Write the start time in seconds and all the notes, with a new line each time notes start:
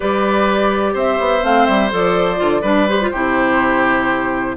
0.00 G3 G4 B4 D5
0.93 C4 C5 E5
1.19 B3
1.42 A3 C4 F5
1.66 G3 E5
1.90 F3 A4 D5
2.37 D3 F4
2.61 G3 D4 B4
2.88 G4 C5
3.01 F4
3.11 C3 E4 G4